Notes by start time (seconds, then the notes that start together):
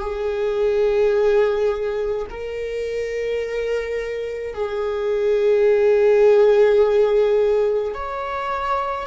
0.00 G#4
2.30 A#4
4.54 G#4
7.94 C#5